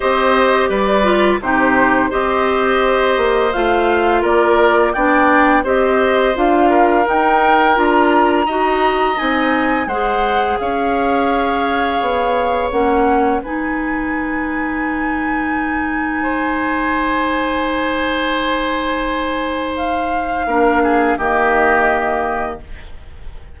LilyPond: <<
  \new Staff \with { instrumentName = "flute" } { \time 4/4 \tempo 4 = 85 dis''4 d''4 c''4 dis''4~ | dis''4 f''4 d''4 g''4 | dis''4 f''4 g''4 ais''4~ | ais''4 gis''4 fis''4 f''4~ |
f''2 fis''4 gis''4~ | gis''1~ | gis''1 | f''2 dis''2 | }
  \new Staff \with { instrumentName = "oboe" } { \time 4/4 c''4 b'4 g'4 c''4~ | c''2 ais'4 d''4 | c''4. ais'2~ ais'8 | dis''2 c''4 cis''4~ |
cis''2. b'4~ | b'2. c''4~ | c''1~ | c''4 ais'8 gis'8 g'2 | }
  \new Staff \with { instrumentName = "clarinet" } { \time 4/4 g'4. f'8 dis'4 g'4~ | g'4 f'2 d'4 | g'4 f'4 dis'4 f'4 | fis'4 dis'4 gis'2~ |
gis'2 cis'4 dis'4~ | dis'1~ | dis'1~ | dis'4 d'4 ais2 | }
  \new Staff \with { instrumentName = "bassoon" } { \time 4/4 c'4 g4 c4 c'4~ | c'8 ais8 a4 ais4 b4 | c'4 d'4 dis'4 d'4 | dis'4 c'4 gis4 cis'4~ |
cis'4 b4 ais4 gis4~ | gis1~ | gis1~ | gis4 ais4 dis2 | }
>>